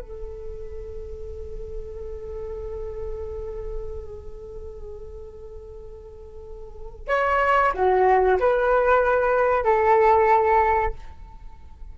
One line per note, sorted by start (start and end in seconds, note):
0.00 7.08 A4
7.08 7.72 C#5
7.74 8.39 F#4
8.40 9.65 B4
9.65 10.94 A4